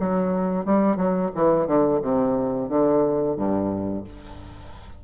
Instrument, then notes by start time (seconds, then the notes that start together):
bassoon
0.00 F#3
0.66 G3
0.97 F#3
1.35 E3
1.67 D3
2.03 C3
2.69 D3
3.37 G2